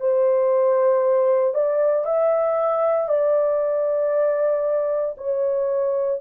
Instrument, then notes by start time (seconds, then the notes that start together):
horn
0.00 C5
1.54 D5
2.05 E5
3.08 D5
5.17 C#5